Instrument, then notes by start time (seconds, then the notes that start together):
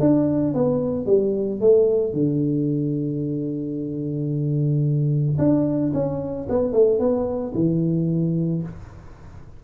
tuba
0.00 D4
0.54 B3
1.06 G3
1.61 A3
2.14 D3
5.38 D4
5.94 C#4
6.49 B3
6.73 A3
6.99 B3
7.54 E3